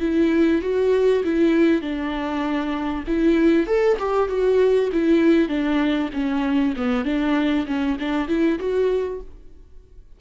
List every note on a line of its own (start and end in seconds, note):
0.00 0.61 E4
0.62 1.23 F#4
1.24 1.82 E4
1.82 3.04 D4
3.07 3.67 E4
3.67 3.97 A4
3.99 4.29 G4
4.29 4.90 F#4
4.92 5.48 E4
5.48 6.09 D4
6.13 6.74 C#4
6.77 7.05 B3
7.05 7.66 D4
7.67 7.97 C#4
7.99 8.28 D4
8.28 8.59 E4
8.59 9.20 F#4